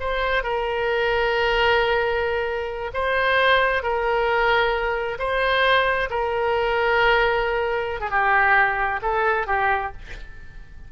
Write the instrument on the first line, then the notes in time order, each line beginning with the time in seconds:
oboe
0.00 C5
0.43 A#4
2.93 C5
3.83 A#4
5.19 C5
6.10 A#4
8.00 G#4
8.10 G4
9.02 A4
9.47 G4